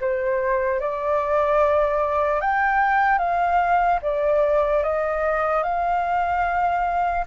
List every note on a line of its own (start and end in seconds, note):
0.00 0.80 C5
0.80 2.41 D5
2.41 3.18 G5
3.18 3.99 F5
4.02 4.83 D5
4.83 5.63 D#5
5.63 7.25 F5